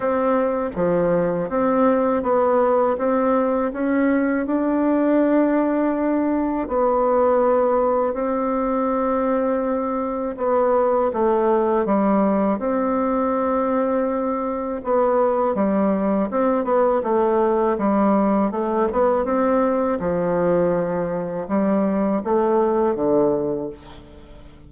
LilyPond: \new Staff \with { instrumentName = "bassoon" } { \time 4/4 \tempo 4 = 81 c'4 f4 c'4 b4 | c'4 cis'4 d'2~ | d'4 b2 c'4~ | c'2 b4 a4 |
g4 c'2. | b4 g4 c'8 b8 a4 | g4 a8 b8 c'4 f4~ | f4 g4 a4 d4 | }